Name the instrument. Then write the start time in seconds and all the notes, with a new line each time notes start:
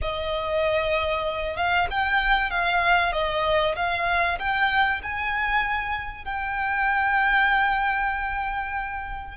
violin
0.01 D#5
1.56 F5
1.90 G5
2.50 F5
3.12 D#5
3.75 F5
4.38 G5
5.02 G#5
6.24 G5